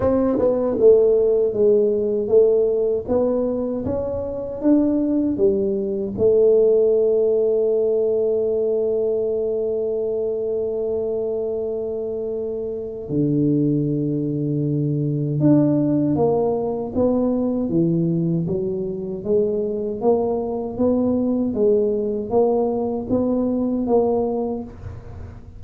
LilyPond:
\new Staff \with { instrumentName = "tuba" } { \time 4/4 \tempo 4 = 78 c'8 b8 a4 gis4 a4 | b4 cis'4 d'4 g4 | a1~ | a1~ |
a4 d2. | d'4 ais4 b4 e4 | fis4 gis4 ais4 b4 | gis4 ais4 b4 ais4 | }